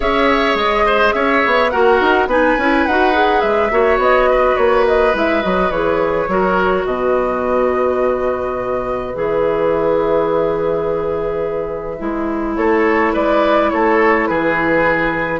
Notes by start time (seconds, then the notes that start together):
0.00 C#4 G#4 C#5 E5
0.54 G#3 D#5
0.85 C5
1.12 C#4 C#5 E5
1.46 B3
1.70 A#3 F#4 A#4 F#5
2.01 D#4
2.26 B3 D#4 B4 G#5
2.57 C#4 E4
2.86 D#4 F#4 F#5
3.12 G#4
3.40 G#3 E5
3.70 A#3 F#4 C#5
3.97 B3 D#5
4.30 B4
4.56 A#3 C#5
4.87 D#5
5.13 G#3 E4 E5
5.41 F#3 F#4 D#5
5.70 E3 G#4 C#5
6.28 F#3 F#4 A#4
6.85 B2 B4 D#5
9.14 E3 G#4 E5
11.98 G#3 E4
12.56 A3 A4 C#5
13.13 G#3 B4 D5
13.69 A3 A4 C#5
14.26 E3 G#4 B4